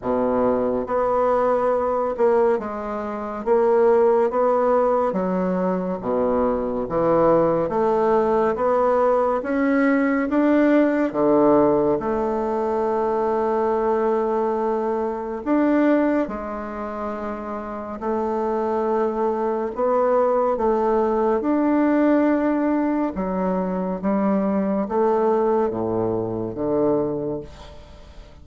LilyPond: \new Staff \with { instrumentName = "bassoon" } { \time 4/4 \tempo 4 = 70 b,4 b4. ais8 gis4 | ais4 b4 fis4 b,4 | e4 a4 b4 cis'4 | d'4 d4 a2~ |
a2 d'4 gis4~ | gis4 a2 b4 | a4 d'2 fis4 | g4 a4 a,4 d4 | }